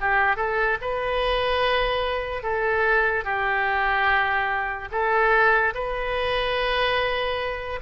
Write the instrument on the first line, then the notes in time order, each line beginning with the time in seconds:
oboe
0.00 G4
0.36 A4
0.81 B4
2.42 A4
3.24 G4
4.91 A4
5.74 B4